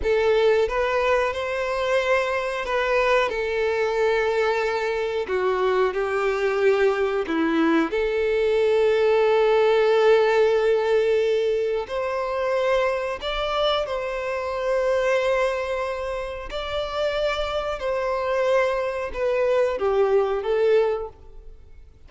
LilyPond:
\new Staff \with { instrumentName = "violin" } { \time 4/4 \tempo 4 = 91 a'4 b'4 c''2 | b'4 a'2. | fis'4 g'2 e'4 | a'1~ |
a'2 c''2 | d''4 c''2.~ | c''4 d''2 c''4~ | c''4 b'4 g'4 a'4 | }